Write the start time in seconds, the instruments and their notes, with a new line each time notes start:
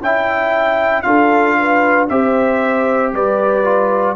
0.00 tuba C#4, trombone E4, horn E5, trumpet G5
1.02 tuba D4, trombone F4, horn A4, trumpet F5
1.58 horn B4
2.09 tuba C4, trombone G4, horn C5, trumpet E5
3.13 tuba G3, horn B4, trumpet D5
3.64 trombone F4